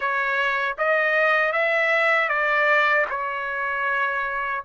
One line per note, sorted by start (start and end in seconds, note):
0.00 0.76 C#5
0.78 1.52 D#5
1.52 2.28 E5
2.28 3.05 D5
3.10 4.64 C#5